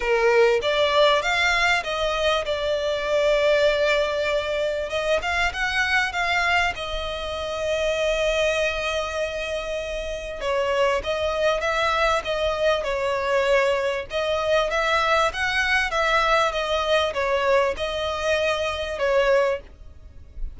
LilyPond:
\new Staff \with { instrumentName = "violin" } { \time 4/4 \tempo 4 = 98 ais'4 d''4 f''4 dis''4 | d''1 | dis''8 f''8 fis''4 f''4 dis''4~ | dis''1~ |
dis''4 cis''4 dis''4 e''4 | dis''4 cis''2 dis''4 | e''4 fis''4 e''4 dis''4 | cis''4 dis''2 cis''4 | }